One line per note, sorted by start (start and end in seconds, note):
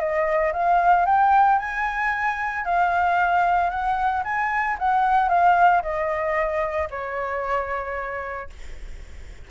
0.00 0.53 D#5
0.53 1.06 F5
1.06 1.59 G5
1.60 2.65 G#5
2.65 3.71 F5
3.71 4.24 F#5
4.25 4.78 G#5
4.79 5.30 F#5
5.30 5.83 F5
5.83 6.89 D#5
6.91 8.50 C#5